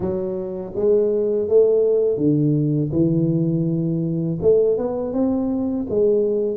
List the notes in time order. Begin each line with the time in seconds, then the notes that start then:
0.00 F#3
0.75 G#3
1.48 A3
2.17 D3
2.92 E3
4.41 A3
4.77 B3
5.13 C4
5.89 G#3